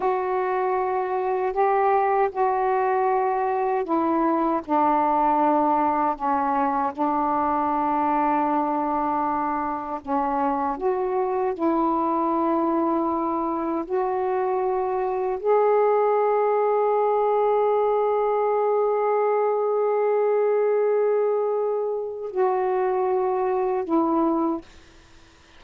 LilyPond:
\new Staff \with { instrumentName = "saxophone" } { \time 4/4 \tempo 4 = 78 fis'2 g'4 fis'4~ | fis'4 e'4 d'2 | cis'4 d'2.~ | d'4 cis'4 fis'4 e'4~ |
e'2 fis'2 | gis'1~ | gis'1~ | gis'4 fis'2 e'4 | }